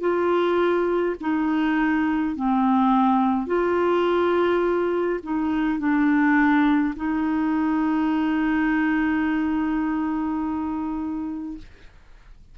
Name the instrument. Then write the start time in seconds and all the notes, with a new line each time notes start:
clarinet
0.00 F4
1.20 D#4
2.35 C4
3.47 F4
5.23 D#4
5.78 D4
6.96 D#4